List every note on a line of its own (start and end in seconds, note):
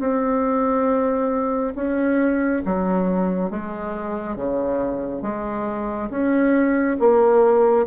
0.00 1.74 C4
1.75 2.62 C#4
2.65 3.51 F#3
3.51 4.36 G#3
4.36 5.23 C#3
5.23 6.09 G#3
6.10 6.97 C#4
7.00 7.87 A#3